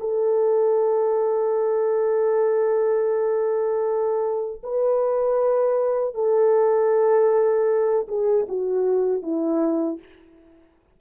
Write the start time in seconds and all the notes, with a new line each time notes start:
0.00 A4
4.63 B4
6.15 A4
8.08 G#4
8.48 F#4
9.22 E4